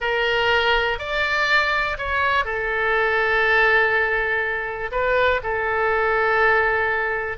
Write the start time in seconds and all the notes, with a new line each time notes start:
0.00 A#4
0.99 D5
1.98 C#5
2.45 A4
4.91 B4
5.43 A4